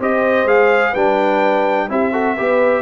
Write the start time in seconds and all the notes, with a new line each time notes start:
0.00 C4 G4 C5 D#5
0.44 G#3 G#4 F5
0.91 G3 D4 B4 G5
1.89 C4 E4 G4 E5
2.12 F#4 A4
2.36 B3 G4 B4